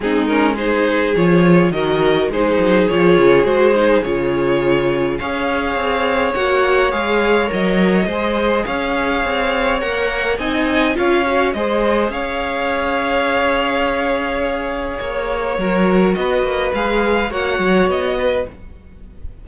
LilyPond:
<<
  \new Staff \with { instrumentName = "violin" } { \time 4/4 \tempo 4 = 104 gis'8 ais'8 c''4 cis''4 dis''4 | c''4 cis''4 c''4 cis''4~ | cis''4 f''2 fis''4 | f''4 dis''2 f''4~ |
f''4 fis''4 gis''4 f''4 | dis''4 f''2.~ | f''2 cis''2 | dis''4 f''4 fis''4 dis''4 | }
  \new Staff \with { instrumentName = "violin" } { \time 4/4 dis'4 gis'2 ais'4 | gis'1~ | gis'4 cis''2.~ | cis''2 c''4 cis''4~ |
cis''2 dis''4 cis''4 | c''4 cis''2.~ | cis''2. ais'4 | b'2 cis''4. b'8 | }
  \new Staff \with { instrumentName = "viola" } { \time 4/4 c'8 cis'8 dis'4 f'4 fis'4 | dis'4 f'4 fis'8 dis'8 f'4~ | f'4 gis'2 fis'4 | gis'4 ais'4 gis'2~ |
gis'4 ais'4 dis'4 f'8 fis'8 | gis'1~ | gis'2. fis'4~ | fis'4 gis'4 fis'2 | }
  \new Staff \with { instrumentName = "cello" } { \time 4/4 gis2 f4 dis4 | gis8 fis8 f8 cis8 gis4 cis4~ | cis4 cis'4 c'4 ais4 | gis4 fis4 gis4 cis'4 |
c'4 ais4 c'4 cis'4 | gis4 cis'2.~ | cis'2 ais4 fis4 | b8 ais8 gis4 ais8 fis8 b4 | }
>>